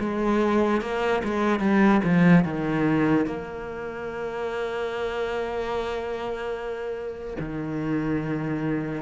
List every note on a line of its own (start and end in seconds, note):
0.00 0.81 G#3
0.81 1.23 A#3
1.24 1.60 G#3
1.60 2.01 G3
2.04 2.45 F3
2.45 3.26 D#3
3.26 7.37 A#3
7.40 9.02 D#3